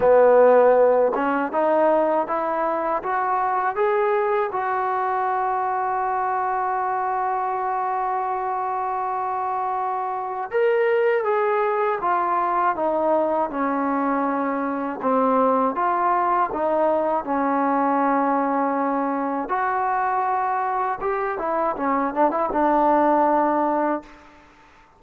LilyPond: \new Staff \with { instrumentName = "trombone" } { \time 4/4 \tempo 4 = 80 b4. cis'8 dis'4 e'4 | fis'4 gis'4 fis'2~ | fis'1~ | fis'2 ais'4 gis'4 |
f'4 dis'4 cis'2 | c'4 f'4 dis'4 cis'4~ | cis'2 fis'2 | g'8 e'8 cis'8 d'16 e'16 d'2 | }